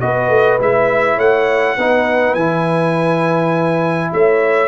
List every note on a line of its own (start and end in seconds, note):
0.00 0.29 B3
0.00 0.59 F#4
0.00 1.16 B4
0.00 0.59 D#5
0.29 0.58 A3
0.59 1.17 G#3
0.59 1.78 E4
0.59 1.19 E5
1.16 1.76 A3
1.16 1.75 C#5
1.16 2.34 F#5
1.76 2.35 B3
1.76 2.38 D#4
1.76 4.11 B4
2.34 4.11 E3
2.34 4.68 E4
2.34 4.11 G#5
4.13 4.68 A3
4.13 4.68 C#5
4.13 4.68 E5